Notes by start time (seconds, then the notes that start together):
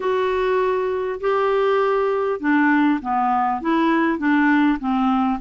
0.00 F#4
1.20 G4
2.39 D4
3.01 B3
3.61 E4
4.18 D4
4.79 C4